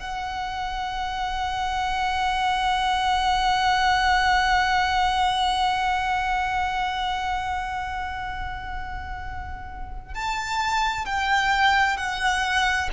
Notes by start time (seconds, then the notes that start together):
0.00 F#5
10.15 A5
11.06 G5
11.97 F#5